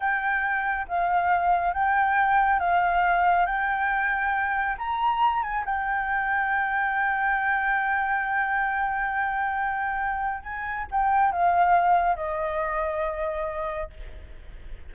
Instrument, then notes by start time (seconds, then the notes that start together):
flute
0.00 G5
0.88 F5
1.73 G5
2.59 F5
3.46 G5
4.77 A#5
5.42 G#5
5.65 G5
10.43 G#5
10.91 G5
11.32 F5
12.16 D#5